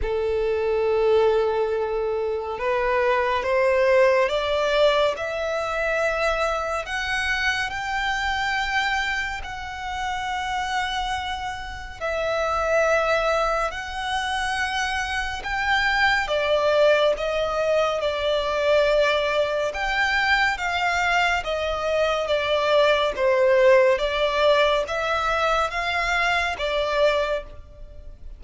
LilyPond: \new Staff \with { instrumentName = "violin" } { \time 4/4 \tempo 4 = 70 a'2. b'4 | c''4 d''4 e''2 | fis''4 g''2 fis''4~ | fis''2 e''2 |
fis''2 g''4 d''4 | dis''4 d''2 g''4 | f''4 dis''4 d''4 c''4 | d''4 e''4 f''4 d''4 | }